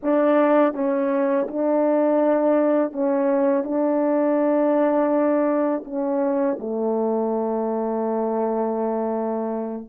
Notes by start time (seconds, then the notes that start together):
0.03 D4
0.74 C#4
1.48 D4
2.92 C#4
3.64 D4
5.84 C#4
6.59 A3